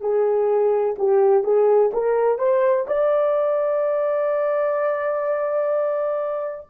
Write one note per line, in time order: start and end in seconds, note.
0.00 0.95 G#4
0.98 1.43 G4
1.43 1.91 G#4
1.93 2.38 A#4
2.38 2.86 C5
2.87 6.68 D5